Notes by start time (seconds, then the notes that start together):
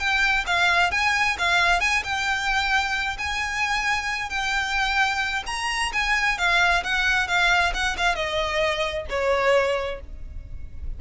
0.00 G5
0.47 F5
0.92 G#5
1.39 F5
1.81 G#5
2.04 G5
3.19 G#5
4.30 G5
5.47 A#5
5.93 G#5
6.38 F5
6.84 F#5
7.28 F5
7.74 F#5
7.98 F5
8.15 D#5
9.10 C#5